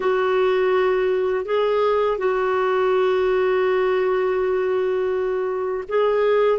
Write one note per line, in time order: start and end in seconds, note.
0.00 1.45 F#4
1.45 2.18 G#4
2.18 5.84 F#4
5.88 6.59 G#4